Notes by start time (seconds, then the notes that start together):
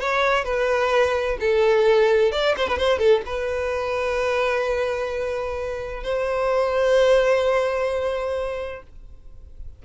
0.00 C#5
0.44 B4
1.40 A4
2.32 D5
2.57 C5
2.68 B4
2.78 C5
2.98 A4
3.26 B4
6.03 C5